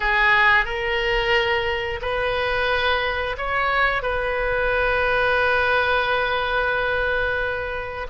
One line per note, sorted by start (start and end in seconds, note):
0.00 0.65 G#4
0.65 1.99 A#4
2.01 3.36 B4
3.37 4.02 C#5
4.02 8.07 B4